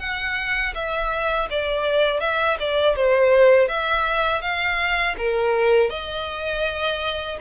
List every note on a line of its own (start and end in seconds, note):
0.00 0.74 F#5
0.75 1.49 E5
1.51 2.21 D5
2.21 2.58 E5
2.60 2.96 D5
2.96 3.69 C5
3.69 4.42 E5
4.42 5.16 F5
5.18 5.90 A#4
5.90 7.38 D#5